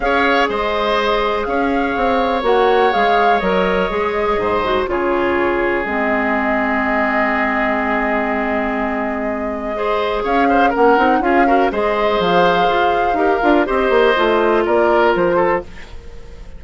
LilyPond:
<<
  \new Staff \with { instrumentName = "flute" } { \time 4/4 \tempo 4 = 123 f''4 dis''2 f''4~ | f''4 fis''4 f''4 dis''4~ | dis''2 cis''2 | dis''1~ |
dis''1~ | dis''4 f''4 fis''4 f''4 | dis''4 f''2. | dis''2 d''4 c''4 | }
  \new Staff \with { instrumentName = "oboe" } { \time 4/4 cis''4 c''2 cis''4~ | cis''1~ | cis''4 c''4 gis'2~ | gis'1~ |
gis'1 | c''4 cis''8 c''8 ais'4 gis'8 ais'8 | c''2. ais'4 | c''2 ais'4. a'8 | }
  \new Staff \with { instrumentName = "clarinet" } { \time 4/4 gis'1~ | gis'4 fis'4 gis'4 ais'4 | gis'4. fis'8 f'2 | c'1~ |
c'1 | gis'2 cis'8 dis'8 f'8 fis'8 | gis'2. g'8 f'8 | g'4 f'2. | }
  \new Staff \with { instrumentName = "bassoon" } { \time 4/4 cis'4 gis2 cis'4 | c'4 ais4 gis4 fis4 | gis4 gis,4 cis2 | gis1~ |
gis1~ | gis4 cis'4 ais8 c'8 cis'4 | gis4 f4 f'4 dis'8 d'8 | c'8 ais8 a4 ais4 f4 | }
>>